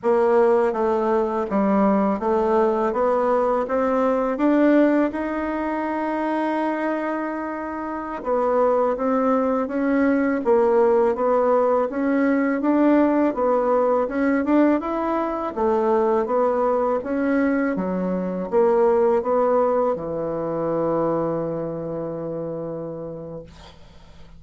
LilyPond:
\new Staff \with { instrumentName = "bassoon" } { \time 4/4 \tempo 4 = 82 ais4 a4 g4 a4 | b4 c'4 d'4 dis'4~ | dis'2.~ dis'16 b8.~ | b16 c'4 cis'4 ais4 b8.~ |
b16 cis'4 d'4 b4 cis'8 d'16~ | d'16 e'4 a4 b4 cis'8.~ | cis'16 fis4 ais4 b4 e8.~ | e1 | }